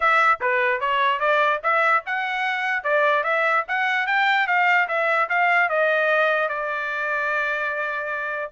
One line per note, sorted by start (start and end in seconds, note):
0.00 0.39 E5
0.41 0.80 B4
0.80 1.19 C#5
1.19 1.60 D5
1.63 2.03 E5
2.06 2.83 F#5
2.83 3.23 D5
3.23 3.64 E5
3.67 4.07 F#5
4.07 4.47 G5
4.47 4.87 F5
4.88 5.28 E5
5.29 5.69 F5
5.69 6.48 D#5
6.48 8.51 D5